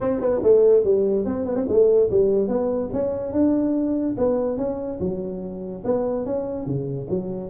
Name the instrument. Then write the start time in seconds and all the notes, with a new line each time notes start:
tuba
0.01 C4
0.20 B3
0.43 A3
0.83 G3
1.25 C4
1.45 B3
1.55 C4
1.68 A3
2.10 G3
2.48 B3
2.93 C#4
3.32 D4
4.17 B3
4.57 C#4
4.99 F#3
5.84 B3
6.25 C#4
6.66 C#3
7.09 F#3